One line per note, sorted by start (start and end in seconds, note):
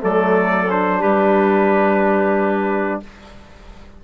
0.00 1.02 F#3
0.00 0.67 A3
0.00 0.99 A4
0.00 0.70 D5
0.70 3.03 D4
0.70 1.01 C5
0.99 3.02 G3
0.99 2.99 G4
0.99 3.01 B4